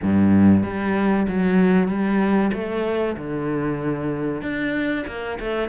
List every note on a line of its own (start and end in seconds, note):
0.02 0.63 G2
0.63 1.26 G3
1.28 1.88 F#3
1.88 2.51 G3
2.53 3.16 A3
3.17 4.42 D3
4.42 5.05 D4
5.07 5.38 A#3
5.39 5.68 A3